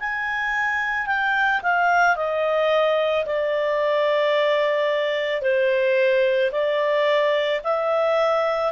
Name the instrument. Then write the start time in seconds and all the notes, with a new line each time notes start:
clarinet
0.00 G#5
1.07 G5
1.63 F5
2.16 D#5
3.26 D5
5.42 C5
6.52 D5
7.64 E5